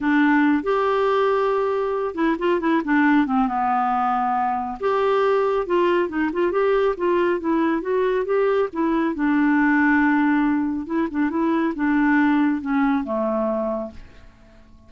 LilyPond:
\new Staff \with { instrumentName = "clarinet" } { \time 4/4 \tempo 4 = 138 d'4. g'2~ g'8~ | g'4 e'8 f'8 e'8 d'4 c'8 | b2. g'4~ | g'4 f'4 dis'8 f'8 g'4 |
f'4 e'4 fis'4 g'4 | e'4 d'2.~ | d'4 e'8 d'8 e'4 d'4~ | d'4 cis'4 a2 | }